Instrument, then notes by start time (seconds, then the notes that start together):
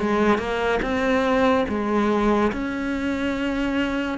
cello
0.00 G#3
0.39 A#3
0.82 C4
1.69 G#3
2.52 C#4